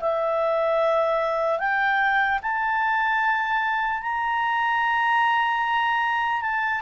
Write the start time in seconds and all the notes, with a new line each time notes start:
0.00 E5
1.59 G5
2.42 A5
4.01 A#5
6.41 A5